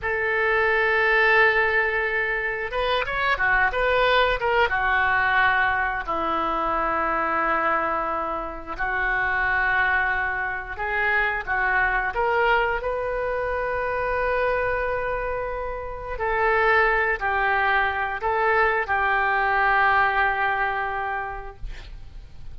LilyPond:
\new Staff \with { instrumentName = "oboe" } { \time 4/4 \tempo 4 = 89 a'1 | b'8 cis''8 fis'8 b'4 ais'8 fis'4~ | fis'4 e'2.~ | e'4 fis'2. |
gis'4 fis'4 ais'4 b'4~ | b'1 | a'4. g'4. a'4 | g'1 | }